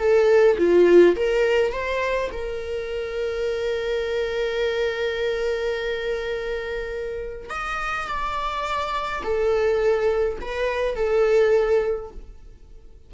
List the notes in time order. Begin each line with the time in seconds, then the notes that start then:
0.00 A4
0.58 F4
1.16 A#4
1.73 C5
2.33 A#4
7.51 D#5
8.08 D5
9.24 A4
10.41 B4
10.96 A4